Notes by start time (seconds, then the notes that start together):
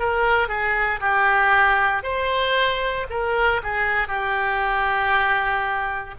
0.00 A#4
0.48 G#4
1.01 G4
2.04 C5
3.10 A#4
3.63 G#4
4.08 G4